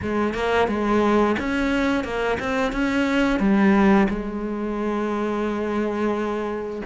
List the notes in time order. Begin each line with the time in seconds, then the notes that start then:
0.02 G#3
0.33 A#3
0.68 G#3
1.39 C#4
2.03 A#3
2.39 C4
2.72 C#4
3.39 G3
4.09 G#3